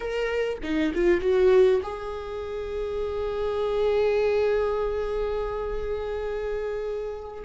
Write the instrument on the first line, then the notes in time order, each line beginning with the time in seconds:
viola
0.00 A#4
0.62 D#4
0.94 F4
1.20 F#4
1.83 G#4